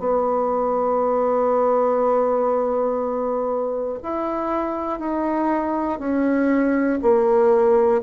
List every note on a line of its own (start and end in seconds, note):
0.00 4.00 B3
4.04 5.00 E4
5.00 6.00 D#4
6.00 7.00 C#4
7.02 8.02 A#3